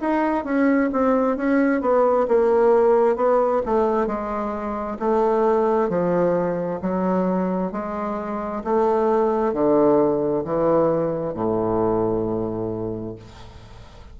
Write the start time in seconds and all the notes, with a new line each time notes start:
0.00 D#4
0.44 C#4
0.93 C4
1.37 C#4
1.81 B3
2.28 A#3
3.16 B3
3.65 A3
4.07 G#3
4.99 A3
5.89 F3
6.81 F#3
7.72 G#3
8.64 A3
9.53 D3
10.45 E3
11.34 A2